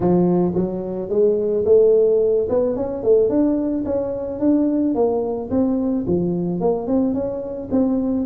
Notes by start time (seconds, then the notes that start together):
0.00 F3
0.54 F#3
1.09 G#3
1.65 A3
2.49 B3
2.76 C#4
3.03 A3
3.29 D4
3.85 C#4
4.39 D4
4.94 A#3
5.50 C4
6.07 F3
6.60 A#3
6.87 C4
7.14 C#4
7.71 C4